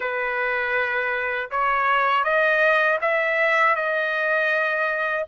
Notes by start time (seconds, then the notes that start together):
0.00 B4
1.50 C#5
2.23 D#5
3.01 E5
3.75 D#5